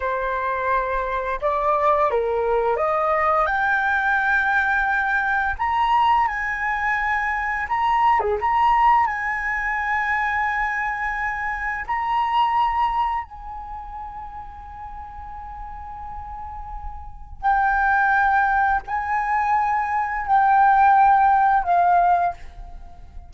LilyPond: \new Staff \with { instrumentName = "flute" } { \time 4/4 \tempo 4 = 86 c''2 d''4 ais'4 | dis''4 g''2. | ais''4 gis''2 ais''8. gis'16 | ais''4 gis''2.~ |
gis''4 ais''2 gis''4~ | gis''1~ | gis''4 g''2 gis''4~ | gis''4 g''2 f''4 | }